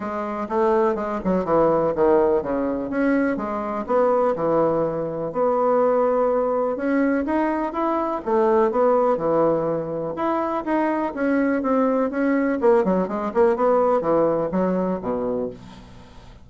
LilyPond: \new Staff \with { instrumentName = "bassoon" } { \time 4/4 \tempo 4 = 124 gis4 a4 gis8 fis8 e4 | dis4 cis4 cis'4 gis4 | b4 e2 b4~ | b2 cis'4 dis'4 |
e'4 a4 b4 e4~ | e4 e'4 dis'4 cis'4 | c'4 cis'4 ais8 fis8 gis8 ais8 | b4 e4 fis4 b,4 | }